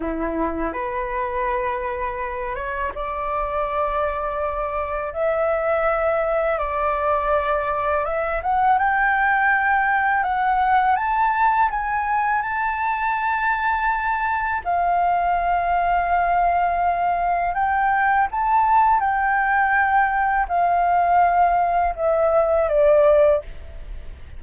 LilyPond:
\new Staff \with { instrumentName = "flute" } { \time 4/4 \tempo 4 = 82 e'4 b'2~ b'8 cis''8 | d''2. e''4~ | e''4 d''2 e''8 fis''8 | g''2 fis''4 a''4 |
gis''4 a''2. | f''1 | g''4 a''4 g''2 | f''2 e''4 d''4 | }